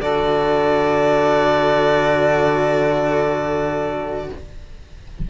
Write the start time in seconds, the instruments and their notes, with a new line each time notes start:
0.00 cello D3 F#4, saxophone A4, violin D5